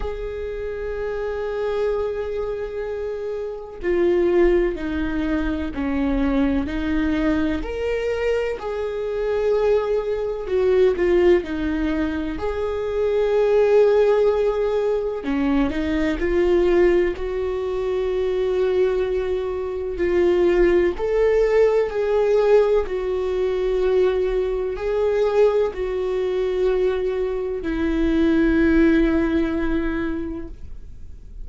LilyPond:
\new Staff \with { instrumentName = "viola" } { \time 4/4 \tempo 4 = 63 gis'1 | f'4 dis'4 cis'4 dis'4 | ais'4 gis'2 fis'8 f'8 | dis'4 gis'2. |
cis'8 dis'8 f'4 fis'2~ | fis'4 f'4 a'4 gis'4 | fis'2 gis'4 fis'4~ | fis'4 e'2. | }